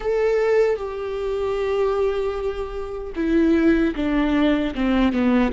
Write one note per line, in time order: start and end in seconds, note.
0.00 0.76 A4
0.76 3.13 G4
3.15 3.94 E4
3.95 4.74 D4
4.74 5.12 C4
5.12 5.52 B3